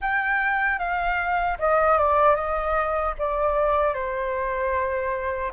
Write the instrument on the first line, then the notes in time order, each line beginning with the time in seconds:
flute
0.01 G5
0.79 F5
1.58 D#5
1.98 D5
2.35 D#5
3.18 D5
3.94 C5